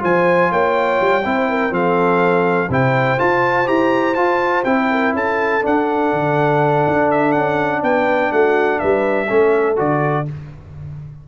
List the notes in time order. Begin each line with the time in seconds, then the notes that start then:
0.00 F3 F4 C5 G#5
0.51 A#3 C#5 G5
1.01 G3
1.26 C4 E4 C5
1.50 A#4
1.71 F3 C4 A4 F5
2.69 C3 E4 C5 G5
3.18 F4 A5
3.66 E4 G4 A#5
4.15 F4 A5
4.65 C4 E4 G5
4.91 A#4
5.14 C#4 A4 A5
5.62 D4 F#5
6.13 D3
6.87 D4
7.11 E5
7.32 C#4 F#5
7.83 B3 B4 G5
8.33 A3 F#4 F#5
8.79 G3 B4 E5
9.27 A3 C#4 A4
9.77 D3 F#4 D5